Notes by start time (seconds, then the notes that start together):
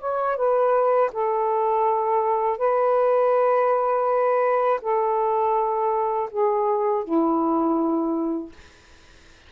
0.00 C#5
0.37 B4
1.13 A4
2.58 B4
4.82 A4
6.31 G#4
7.05 E4